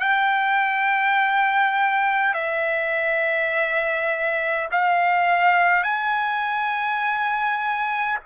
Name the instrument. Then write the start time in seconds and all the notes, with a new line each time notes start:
trumpet
0.00 G5
2.34 E5
4.72 F5
5.83 G#5